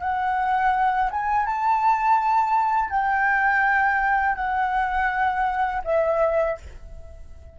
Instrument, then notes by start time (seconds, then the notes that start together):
flute
0.00 F#5
1.10 G#5
1.46 A5
2.90 G5
4.35 F#5
5.84 E5